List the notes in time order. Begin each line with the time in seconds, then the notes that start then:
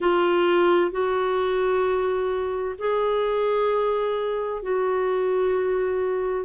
0.00 F4
0.91 F#4
2.78 G#4
4.62 F#4